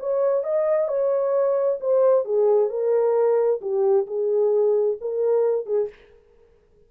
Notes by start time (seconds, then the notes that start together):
0.00 C#5
0.44 D#5
0.88 C#5
1.81 C5
2.25 G#4
2.70 A#4
3.61 G4
4.07 G#4
5.01 A#4
5.66 G#4